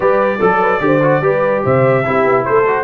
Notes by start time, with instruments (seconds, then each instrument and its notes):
0.00 tuba G3, trombone G4, horn B4, trumpet D5
0.39 tuba F#3, horn A4, trombone A4
0.61 horn B4
0.80 tuba D3, trombone G4, horn C5
1.02 trombone F#4
1.20 tuba G3, trombone G4, horn B4
1.63 tuba C3, horn C5, trumpet E5
2.04 tuba C4, trombone E4, horn G4
2.24 tuba B3
2.44 tuba A3, horn A4, trumpet C5
2.66 trombone F#4